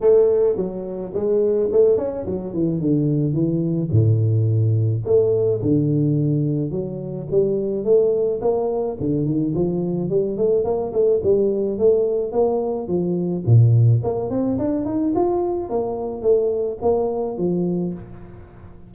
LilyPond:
\new Staff \with { instrumentName = "tuba" } { \time 4/4 \tempo 4 = 107 a4 fis4 gis4 a8 cis'8 | fis8 e8 d4 e4 a,4~ | a,4 a4 d2 | fis4 g4 a4 ais4 |
d8 dis8 f4 g8 a8 ais8 a8 | g4 a4 ais4 f4 | ais,4 ais8 c'8 d'8 dis'8 f'4 | ais4 a4 ais4 f4 | }